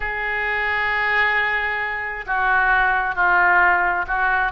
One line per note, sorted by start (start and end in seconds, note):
0.00 2.25 G#4
2.26 3.15 F#4
3.15 4.05 F4
4.07 4.52 F#4